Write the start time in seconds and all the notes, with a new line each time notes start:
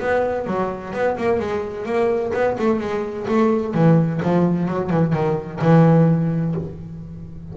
0.00 B3
0.46 F#3
0.94 B3
1.17 A#3
1.40 G#3
1.85 A#3
2.34 B3
2.58 A3
2.80 G#3
3.28 A3
3.74 E3
4.23 F3
4.68 F#3
4.90 E3
5.13 D#3
5.61 E3